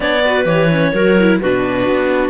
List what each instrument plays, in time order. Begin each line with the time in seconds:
0.00 cello B3, viola D4, clarinet C#5 D5
0.25 viola F#4, clarinet B4
0.45 cello E3, viola G4, clarinet C#5
0.71 viola C#4
0.92 cello F#3, viola F#4, clarinet A#4
1.19 viola E4
1.40 cello B2, viola D4, clarinet F#4 B4
1.87 cello B3